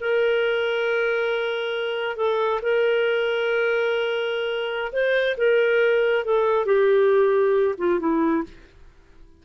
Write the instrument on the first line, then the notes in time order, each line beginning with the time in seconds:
clarinet
0.00 A#4
2.16 A4
2.62 A#4
4.92 C5
5.37 A#4
6.25 A4
6.65 G4
7.78 F4
7.99 E4